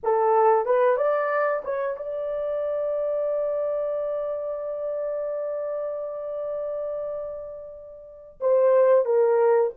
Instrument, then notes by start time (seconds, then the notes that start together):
horn
0.03 A4
0.65 B4
0.97 D5
1.64 C#5
1.96 D5
8.40 C5
9.05 A#4